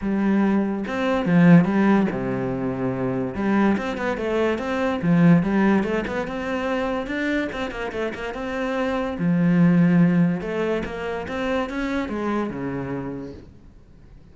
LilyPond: \new Staff \with { instrumentName = "cello" } { \time 4/4 \tempo 4 = 144 g2 c'4 f4 | g4 c2. | g4 c'8 b8 a4 c'4 | f4 g4 a8 b8 c'4~ |
c'4 d'4 c'8 ais8 a8 ais8 | c'2 f2~ | f4 a4 ais4 c'4 | cis'4 gis4 cis2 | }